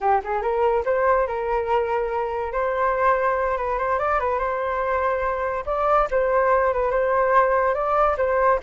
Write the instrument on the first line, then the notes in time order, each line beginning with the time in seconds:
flute
0.00 G4
0.23 G#4
0.42 A#4
0.85 C5
1.27 A#4
2.52 C5
3.57 B4
3.78 C5
3.99 D5
4.19 B4
4.38 C5
5.66 D5
6.10 C5
6.73 B4
6.90 C5
7.74 D5
8.17 C5